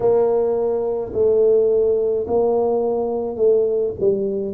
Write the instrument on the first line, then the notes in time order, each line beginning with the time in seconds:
tuba
0.00 A#3
1.13 A3
2.26 A#3
3.36 A3
3.99 G3